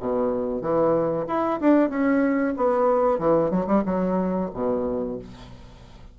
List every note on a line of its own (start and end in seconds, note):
0.00 0.61 B2
0.61 1.26 E3
1.28 1.60 E4
1.60 1.90 D4
1.90 2.54 C#4
2.57 3.19 B3
3.19 3.51 E3
3.51 3.67 F#3
3.67 3.83 G3
3.86 4.50 F#3
4.54 5.19 B2